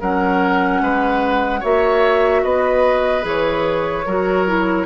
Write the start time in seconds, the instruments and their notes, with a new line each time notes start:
0.00 bassoon F#3, clarinet C#4, oboe A#4, flute F#5
0.81 bassoon G#3, oboe B4
1.60 bassoon A#3, clarinet F#4, oboe C#5, flute E5
2.44 bassoon B3, oboe B4, flute D#5
3.22 bassoon E3, clarinet G#4, flute C#5
4.06 bassoon F#3, clarinet F#4, oboe A#4
4.47 clarinet E4